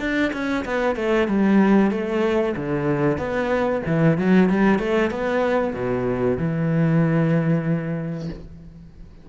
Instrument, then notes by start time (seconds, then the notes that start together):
cello
0.00 D4
0.33 C#4
0.65 B3
0.96 A3
1.28 G3
1.91 A3
2.56 D3
3.18 B3
3.86 E3
4.18 F#3
4.49 G3
4.79 A3
5.11 B3
5.74 B2
6.38 E3